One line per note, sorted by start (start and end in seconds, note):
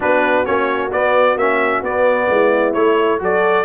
0.00 0.48 B3
0.00 0.45 D4
0.00 2.27 F#4
0.00 0.45 B4
0.45 0.93 A#3
0.45 0.90 C#4
0.45 0.91 C#5
0.92 1.38 B3
0.92 1.35 B3
0.92 1.37 D5
1.35 1.81 A#3
1.35 1.84 C#4
1.35 1.83 E5
1.82 2.28 B3
1.82 2.75 B3
1.82 2.73 D5
2.29 2.75 G#3
2.29 3.20 E4
2.73 3.21 A3
2.73 3.19 E4
2.73 3.19 C#5
3.19 3.65 F#3
3.19 3.65 F#4
3.19 3.65 A4
3.19 3.65 D5